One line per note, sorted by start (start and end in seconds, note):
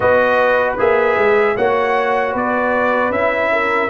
0.00 0.77 B3
0.00 0.78 F#4
0.00 1.56 B4
0.00 0.74 D#5
0.78 1.17 A#3
0.78 1.56 G#4
0.78 1.56 E5
1.17 1.56 G#3
1.56 2.34 A#3
1.56 3.12 F#4
1.56 2.32 C#5
1.56 2.34 F#5
2.32 3.10 B3
2.32 3.49 B4
2.32 3.12 D5
3.10 3.88 C#4
3.10 3.90 E4
3.10 3.90 E5
3.52 3.90 A#4